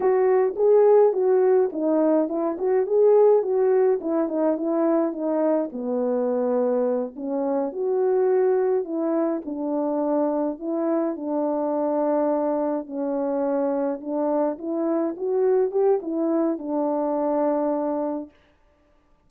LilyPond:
\new Staff \with { instrumentName = "horn" } { \time 4/4 \tempo 4 = 105 fis'4 gis'4 fis'4 dis'4 | e'8 fis'8 gis'4 fis'4 e'8 dis'8 | e'4 dis'4 b2~ | b8 cis'4 fis'2 e'8~ |
e'8 d'2 e'4 d'8~ | d'2~ d'8 cis'4.~ | cis'8 d'4 e'4 fis'4 g'8 | e'4 d'2. | }